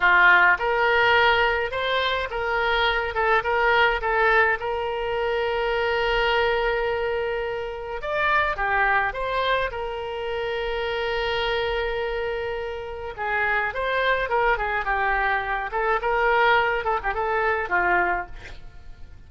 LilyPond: \new Staff \with { instrumentName = "oboe" } { \time 4/4 \tempo 4 = 105 f'4 ais'2 c''4 | ais'4. a'8 ais'4 a'4 | ais'1~ | ais'2 d''4 g'4 |
c''4 ais'2.~ | ais'2. gis'4 | c''4 ais'8 gis'8 g'4. a'8 | ais'4. a'16 g'16 a'4 f'4 | }